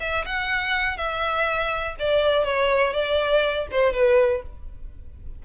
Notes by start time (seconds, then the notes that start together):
0.00 E5
0.25 F#5
0.97 E5
1.99 D5
2.44 C#5
2.93 D5
3.71 C5
3.93 B4